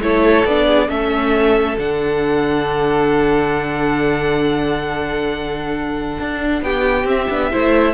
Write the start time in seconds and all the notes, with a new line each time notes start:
0.00 A3 E4 A4 C#5
0.45 B3 D4 D5
0.67 G#4
0.88 A3 C#4 A4 E5
1.78 D3 D4 F#5
6.20 D4
6.62 B3 G4 G5
7.04 C4 E5
7.29 B3 D4
7.50 A3 E4 C5